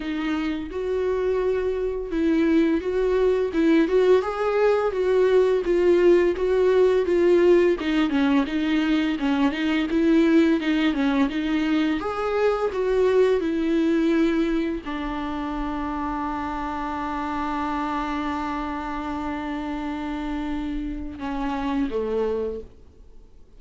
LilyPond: \new Staff \with { instrumentName = "viola" } { \time 4/4 \tempo 4 = 85 dis'4 fis'2 e'4 | fis'4 e'8 fis'8 gis'4 fis'4 | f'4 fis'4 f'4 dis'8 cis'8 | dis'4 cis'8 dis'8 e'4 dis'8 cis'8 |
dis'4 gis'4 fis'4 e'4~ | e'4 d'2.~ | d'1~ | d'2 cis'4 a4 | }